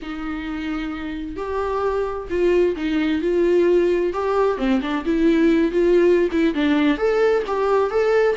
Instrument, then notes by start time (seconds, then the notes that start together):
viola
0.01 D#4
1.36 G4
2.29 F4
2.76 D#4
3.21 F4
4.13 G4
4.57 C4
4.81 D4
5.05 E4
5.71 F4
6.31 E4
6.54 D4
6.97 A4
7.47 G4
7.90 A4